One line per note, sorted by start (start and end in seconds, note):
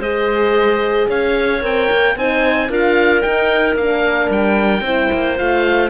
0.00 1.07 G#3
0.00 1.61 G#4
0.00 1.08 C5
0.00 1.09 D#5
1.09 1.63 C#4
1.09 2.17 C#5
1.09 1.63 F5
1.61 1.90 C4
1.61 2.15 A#4
1.61 2.18 G5
1.91 2.17 A#3
2.17 2.70 C4
2.17 2.69 D#4
2.17 2.70 C5
2.17 2.72 G#5
2.69 3.23 D4
2.69 3.23 F4
2.69 4.83 A#4
2.69 3.22 F5
3.22 3.76 D#4
3.22 3.76 G5
3.76 4.29 A#3
3.76 4.84 D4
3.76 4.31 F5
4.30 4.81 G3
4.30 5.38 G5
4.81 5.08 C4
4.81 5.37 E4
4.81 5.90 C5
5.13 5.40 A#3
5.37 5.90 A3
5.37 5.90 F4
5.37 5.90 F5